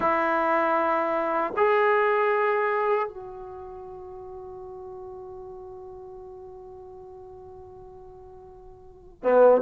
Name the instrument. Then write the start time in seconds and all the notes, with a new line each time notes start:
trombone
0.00 E4
1.56 G#4
3.08 F#4
9.23 B3